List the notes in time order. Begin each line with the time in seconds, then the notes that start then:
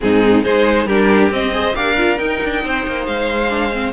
0.00 G#2 C4 D#4 G#4
0.43 G#3 D#4 G#4 C5
0.85 G3 D4 G4 A#4
1.30 C4 D#5
1.51 G#4 C5
1.74 D4 G4 A#4 F5
1.97 F4
2.16 D#4 G5
2.43 D4
2.64 C4 C5
2.86 A#3
3.06 G#3 F5
3.49 D4
3.72 C4